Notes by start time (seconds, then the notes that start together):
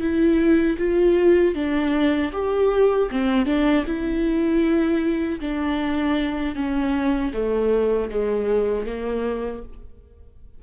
0.00 E4
0.78 F4
1.55 D4
2.32 G4
3.10 C4
3.45 D4
3.86 E4
5.40 D4
6.55 C#4
7.33 A3
8.10 G#3
8.86 A#3